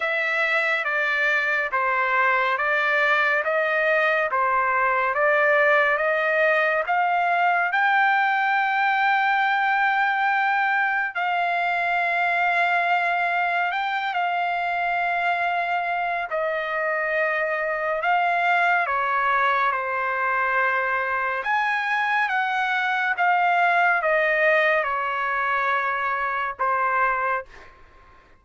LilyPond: \new Staff \with { instrumentName = "trumpet" } { \time 4/4 \tempo 4 = 70 e''4 d''4 c''4 d''4 | dis''4 c''4 d''4 dis''4 | f''4 g''2.~ | g''4 f''2. |
g''8 f''2~ f''8 dis''4~ | dis''4 f''4 cis''4 c''4~ | c''4 gis''4 fis''4 f''4 | dis''4 cis''2 c''4 | }